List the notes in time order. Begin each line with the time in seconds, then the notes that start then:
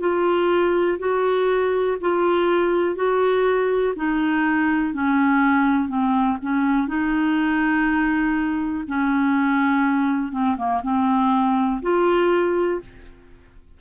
0.00 F4
0.99 F#4
2.01 F4
2.96 F#4
3.96 D#4
4.94 C#4
5.89 C4
6.42 C#4
6.88 D#4
8.88 C#4
10.32 C4
10.57 A#3
10.83 C4
11.82 F4